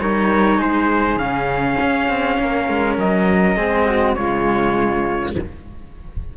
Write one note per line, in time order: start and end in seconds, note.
0.00 0.58 G3
0.00 1.20 D#4
0.00 0.58 A#4
0.00 0.61 C#5
0.58 1.17 G#3
0.58 2.36 G#4
0.58 1.19 C5
1.17 1.76 C#3
1.17 3.57 C#4
1.17 2.97 F5
1.81 2.08 C#4
2.08 2.38 C4
2.39 2.69 A#3
2.39 3.57 A#4
2.69 2.98 G#3
2.98 3.57 F#3
2.98 4.15 D#5
3.57 4.16 G#3
3.57 4.16 C4
3.57 3.86 G#4
3.86 4.16 F#4
4.15 5.36 C#3
4.15 5.35 G#3
4.15 5.37 F4
4.15 5.34 C#5